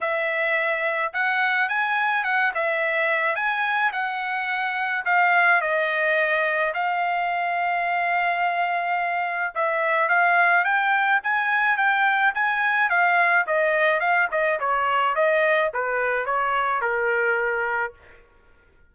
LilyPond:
\new Staff \with { instrumentName = "trumpet" } { \time 4/4 \tempo 4 = 107 e''2 fis''4 gis''4 | fis''8 e''4. gis''4 fis''4~ | fis''4 f''4 dis''2 | f''1~ |
f''4 e''4 f''4 g''4 | gis''4 g''4 gis''4 f''4 | dis''4 f''8 dis''8 cis''4 dis''4 | b'4 cis''4 ais'2 | }